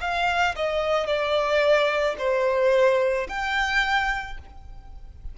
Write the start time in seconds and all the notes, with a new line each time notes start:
0.00 F5
0.55 D#5
1.06 D5
2.18 C5
3.28 G5